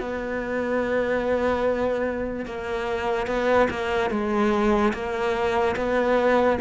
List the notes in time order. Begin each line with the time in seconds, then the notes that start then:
0.00 B3
2.46 A#3
3.27 B3
3.70 A#3
4.11 G#3
4.94 A#3
5.76 B3